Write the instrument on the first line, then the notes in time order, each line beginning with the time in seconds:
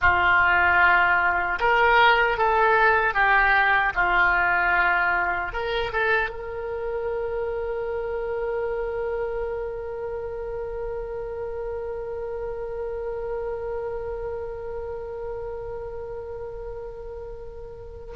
oboe
0.01 F4
1.59 A#4
2.37 A4
3.14 G4
3.94 F4
5.52 A#4
5.92 A4
6.29 A#4